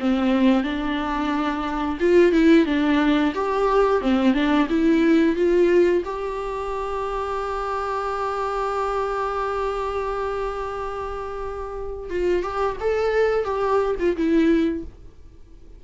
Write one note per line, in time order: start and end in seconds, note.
0.00 0.64 C4
0.64 1.99 D4
2.00 2.33 F4
2.33 2.66 E4
2.66 3.34 D4
3.35 4.02 G4
4.02 4.34 C4
4.34 4.68 D4
4.70 5.36 E4
5.36 6.03 F4
6.06 12.10 G4
12.10 12.43 F4
12.43 12.77 G4
12.81 13.45 A4
13.45 13.96 G4
13.99 14.16 F4
14.17 14.84 E4